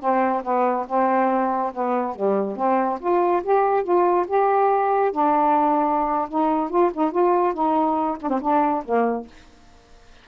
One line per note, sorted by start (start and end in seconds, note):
0.00 0.43 C4
0.43 0.86 B3
0.87 1.73 C4
1.73 2.15 B3
2.15 2.56 G3
2.56 2.99 C4
3.00 3.42 F4
3.43 3.83 G4
3.83 4.26 F4
4.27 5.11 G4
5.11 6.28 D4
6.29 6.69 D#4
6.69 6.91 F4
6.94 7.11 D#4
7.11 7.54 F4
7.54 8.17 D#4
8.21 8.29 D4
8.29 8.40 C4
8.41 8.84 D4
8.85 9.27 A#3